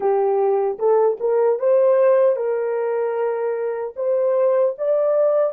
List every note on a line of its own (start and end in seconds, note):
0.00 0.78 G4
0.78 1.18 A4
1.19 1.59 A#4
1.59 2.35 C5
2.35 3.93 A#4
3.96 4.75 C5
4.78 5.53 D5